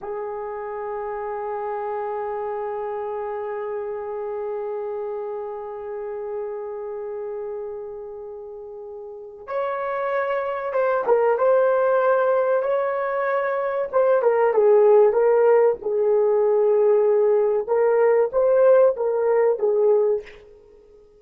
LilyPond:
\new Staff \with { instrumentName = "horn" } { \time 4/4 \tempo 4 = 95 gis'1~ | gis'1~ | gis'1~ | gis'2. cis''4~ |
cis''4 c''8 ais'8 c''2 | cis''2 c''8 ais'8 gis'4 | ais'4 gis'2. | ais'4 c''4 ais'4 gis'4 | }